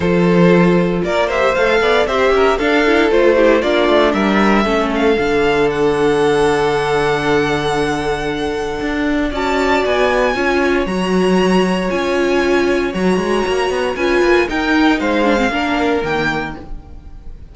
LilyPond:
<<
  \new Staff \with { instrumentName = "violin" } { \time 4/4 \tempo 4 = 116 c''2 d''8 e''8 f''4 | e''4 f''4 c''4 d''4 | e''4. f''4. fis''4~ | fis''1~ |
fis''2 a''4 gis''4~ | gis''4 ais''2 gis''4~ | gis''4 ais''2 gis''4 | g''4 f''2 g''4 | }
  \new Staff \with { instrumentName = "violin" } { \time 4/4 a'2 ais'8 c''4 d''8 | c''8 ais'8 a'4. g'8 f'4 | ais'4 a'2.~ | a'1~ |
a'2 d''2 | cis''1~ | cis''2. b'4 | ais'4 c''4 ais'2 | }
  \new Staff \with { instrumentName = "viola" } { \time 4/4 f'2~ f'8 g'8 a'4 | g'4 d'8 e'8 f'8 e'8 d'4~ | d'4 cis'4 d'2~ | d'1~ |
d'2 fis'2 | f'4 fis'2 f'4~ | f'4 fis'2 f'4 | dis'4. d'16 c'16 d'4 ais4 | }
  \new Staff \with { instrumentName = "cello" } { \time 4/4 f2 ais4 a8 b8 | c'8 cis'8 d'4 a4 ais8 a8 | g4 a4 d2~ | d1~ |
d4 d'4 cis'4 b4 | cis'4 fis2 cis'4~ | cis'4 fis8 gis8 ais8 b8 cis'8 ais8 | dis'4 gis4 ais4 dis4 | }
>>